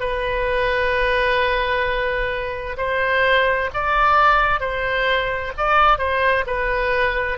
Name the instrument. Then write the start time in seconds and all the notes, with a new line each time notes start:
oboe
0.00 B4
2.78 C5
3.74 D5
4.60 C5
5.58 D5
5.98 C5
6.47 B4